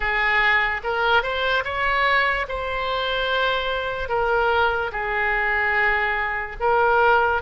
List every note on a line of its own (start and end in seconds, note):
0.00 0.81 G#4
0.83 1.22 A#4
1.22 1.63 C5
1.64 2.46 C#5
2.48 4.09 C5
4.09 4.91 A#4
4.92 6.56 G#4
6.60 7.42 A#4